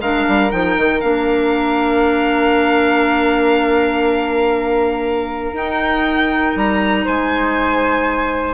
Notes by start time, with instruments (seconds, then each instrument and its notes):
0.00 bassoon G#3, clarinet D4, flute A#4, violin F5
0.28 bassoon G3
0.51 bassoon F3, clarinet D#4, violin G5
0.76 bassoon D#3
1.01 bassoon A#3, clarinet D4, violin F5
5.53 bassoon D#4, clarinet D#4, violin G5
6.56 bassoon G3, violin A#5
7.05 bassoon G#3, flute C5, violin G#5